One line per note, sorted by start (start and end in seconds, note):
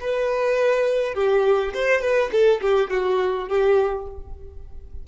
0.00 1.14 B4
1.14 1.72 G4
1.74 2.01 C5
2.01 2.30 B4
2.31 2.61 A4
2.61 2.90 G4
2.90 3.48 F#4
3.48 4.06 G4